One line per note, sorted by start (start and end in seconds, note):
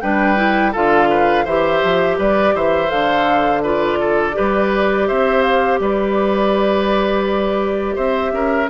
0.00 0.75 G3
0.00 0.36 D4
0.00 0.72 B4
0.00 0.72 G5
0.36 0.72 E4
0.72 1.45 D3
0.72 1.46 F4
0.72 1.08 A4
0.72 1.46 F5
1.10 1.44 B4
1.44 1.81 E3
1.44 2.88 G4
1.44 2.17 C5
1.44 2.18 E5
1.83 2.18 F3
2.18 2.54 G3
2.18 2.54 B4
2.18 2.56 D5
2.54 2.90 E3
2.54 3.62 C5
2.54 2.90 E5
2.88 4.36 D3
2.88 3.60 A4
2.88 3.62 F5
3.62 4.33 F4
3.62 3.99 B4
3.62 5.07 D5
3.99 4.35 A4
4.33 5.10 G3
4.33 8.66 G4
4.33 5.07 B4
5.07 5.79 C4
5.07 5.80 C5
5.07 5.42 E5
5.42 5.78 F5
5.79 7.96 G3
5.79 7.95 B4
5.79 7.96 D5
7.95 8.32 C4
7.95 8.31 C5
7.95 8.68 E5
8.32 8.68 C#4
8.32 8.69 A#4